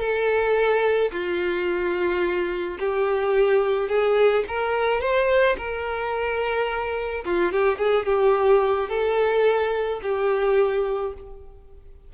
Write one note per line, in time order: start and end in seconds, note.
0.00 1.11 A4
1.11 2.78 F4
2.79 3.89 G4
3.89 4.44 G#4
4.48 5.01 A#4
5.01 5.56 C5
5.58 7.24 A#4
7.25 7.52 F4
7.52 7.78 G4
7.78 8.06 G#4
8.06 8.89 G4
8.89 10.00 A4
10.02 11.13 G4